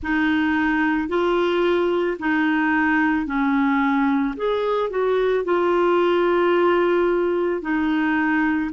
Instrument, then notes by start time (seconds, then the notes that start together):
clarinet
0.02 D#4
1.08 F4
2.19 D#4
3.25 C#4
4.36 G#4
4.89 F#4
5.44 F4
7.61 D#4